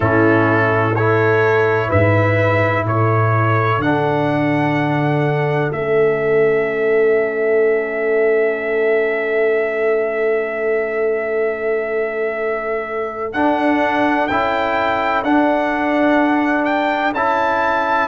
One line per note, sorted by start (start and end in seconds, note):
0.00 1.86 A2
0.00 0.96 C#4
0.00 0.93 E4
0.00 0.95 A4
0.95 3.83 E4
0.95 1.88 A4
0.95 1.90 C#5
1.88 2.85 G#2
1.88 2.84 B4
1.88 2.86 E5
2.85 3.78 A2
2.85 18.08 A4
2.85 3.81 C#5
3.78 5.68 D3
3.78 5.73 D4
3.78 5.72 F#5
5.72 13.34 A3
5.72 13.34 C#4
5.72 13.33 E5
13.33 14.29 D4
13.33 14.27 F#5
14.27 15.23 C#4
14.27 15.24 E4
14.27 15.22 G5
15.23 17.12 D4
15.23 17.14 D4
15.23 16.64 F#5
16.64 17.12 G5
17.12 18.07 C#4
17.12 18.08 E4
17.12 18.08 A5